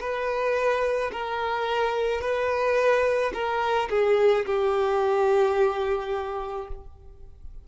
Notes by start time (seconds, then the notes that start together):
0.00 B4
1.12 A#4
2.21 B4
3.33 A#4
3.89 G#4
4.45 G4